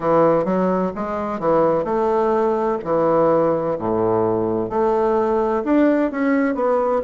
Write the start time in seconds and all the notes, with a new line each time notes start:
0.00 E3
0.45 F#3
0.95 G#3
1.39 E3
1.84 A3
2.84 E3
3.78 A2
4.69 A3
5.64 D4
6.11 C#4
6.55 B3